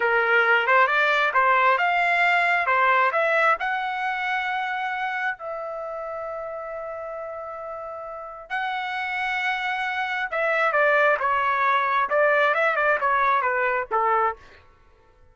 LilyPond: \new Staff \with { instrumentName = "trumpet" } { \time 4/4 \tempo 4 = 134 ais'4. c''8 d''4 c''4 | f''2 c''4 e''4 | fis''1 | e''1~ |
e''2. fis''4~ | fis''2. e''4 | d''4 cis''2 d''4 | e''8 d''8 cis''4 b'4 a'4 | }